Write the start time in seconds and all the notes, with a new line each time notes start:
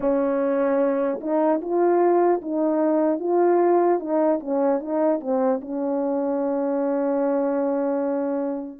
0.00 C#4
1.20 D#4
1.61 F4
2.41 D#4
3.19 F4
3.99 D#4
4.40 C#4
4.80 D#4
5.20 C4
5.61 C#4